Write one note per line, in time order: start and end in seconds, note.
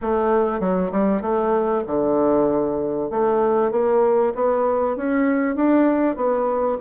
0.01 0.59 A3
0.59 0.90 F#3
0.91 1.21 G3
1.21 1.83 A3
1.86 3.10 D3
3.10 3.71 A3
3.71 4.33 A#3
4.35 4.96 B3
4.96 5.55 C#4
5.55 6.16 D4
6.16 6.78 B3